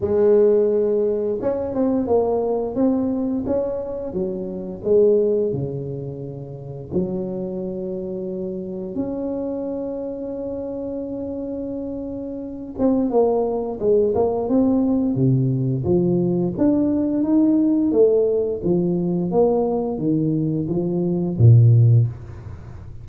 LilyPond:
\new Staff \with { instrumentName = "tuba" } { \time 4/4 \tempo 4 = 87 gis2 cis'8 c'8 ais4 | c'4 cis'4 fis4 gis4 | cis2 fis2~ | fis4 cis'2.~ |
cis'2~ cis'8 c'8 ais4 | gis8 ais8 c'4 c4 f4 | d'4 dis'4 a4 f4 | ais4 dis4 f4 ais,4 | }